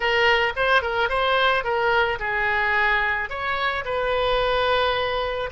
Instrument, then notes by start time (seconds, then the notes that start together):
oboe
0.00 A#4
0.56 C5
0.81 A#4
1.09 C5
1.63 A#4
2.19 G#4
3.29 C#5
3.84 B4